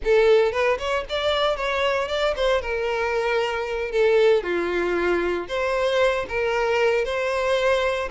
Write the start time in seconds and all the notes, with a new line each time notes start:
0.04 A4
0.51 B4
0.78 C#5
1.09 D5
1.56 C#5
2.08 D5
2.36 C5
2.61 A#4
3.91 A4
4.43 F4
5.48 C5
6.28 A#4
7.04 C5